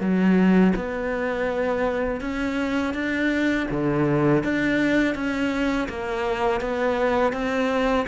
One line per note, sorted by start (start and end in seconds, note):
0.00 0.73 F#3
0.75 2.21 B3
2.21 2.94 C#4
2.94 3.67 D4
3.71 4.43 D3
4.43 5.15 D4
5.15 5.88 C#4
5.88 6.61 A#3
6.61 7.33 B3
7.33 8.06 C4